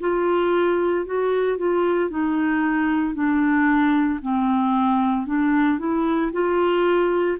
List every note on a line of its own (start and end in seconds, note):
0.00 1.05 F4
1.05 1.57 F#4
1.57 2.10 F4
2.10 3.14 D#4
3.14 4.19 D4
4.22 5.26 C4
5.26 5.78 D4
5.78 6.31 E4
6.32 7.37 F4